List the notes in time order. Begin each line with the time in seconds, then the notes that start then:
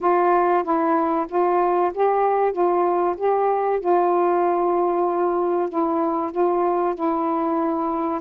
0.01 F4
0.63 E4
1.28 F4
1.94 G4
2.52 F4
3.17 G4
3.80 F4
5.69 E4
6.31 F4
6.94 E4